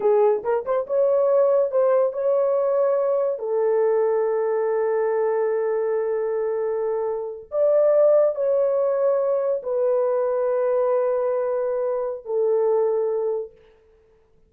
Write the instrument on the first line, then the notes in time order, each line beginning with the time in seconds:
horn
0.00 G#4
0.43 A#4
0.65 C5
0.86 C#5
1.71 C5
2.12 C#5
3.38 A4
7.51 D5
8.35 C#5
9.62 B4
12.25 A4